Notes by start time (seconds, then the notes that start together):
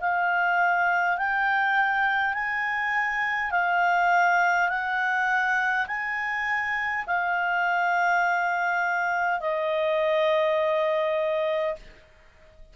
0.00 F5
1.17 G5
2.34 G#5
3.51 F5
4.68 F#5
5.87 G#5
7.06 F5
9.40 D#5